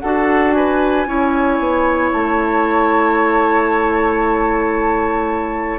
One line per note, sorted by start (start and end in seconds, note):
0.00 1.06 D4
0.00 1.06 F#4
0.00 0.55 A4
0.00 0.52 F#5
0.52 1.08 B4
0.52 2.09 G#5
1.06 1.59 C#4
1.06 5.79 E4
1.06 5.79 C#5
1.59 2.12 B3
2.12 5.79 A3
2.12 5.79 A5